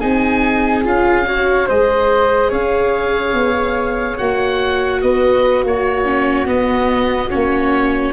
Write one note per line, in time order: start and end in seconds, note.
0.00 0.85 C4
0.00 0.83 D#4
0.00 1.26 G#4
0.00 0.83 G#5
0.83 1.68 C#4
0.83 1.25 F4
0.83 1.69 F5
1.26 1.68 F#4
1.26 1.67 C#5
1.67 2.51 G#3
1.67 4.18 G#4
1.67 2.49 C5
1.67 2.52 D#5
2.49 3.33 C#4
2.49 4.99 C#5
2.49 4.18 F5
3.33 4.17 B3
4.18 5.03 A#3
4.18 6.05 F#4
4.18 5.01 F#5
5.02 5.63 B3
5.02 5.65 B4
5.02 5.64 D#5
5.63 6.47 A#3
5.63 8.12 F#4
5.63 6.48 C#5
6.05 6.46 C#4
6.46 7.29 B3
6.46 7.31 B3
6.46 7.30 D#5
7.30 8.12 A#3
7.30 8.12 C#4
7.30 8.12 C#5